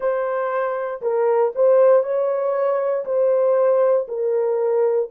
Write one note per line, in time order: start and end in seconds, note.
0.00 1.01 C5
1.01 1.52 A#4
1.55 2.03 C5
2.03 3.05 C#5
3.05 4.06 C5
4.08 5.09 A#4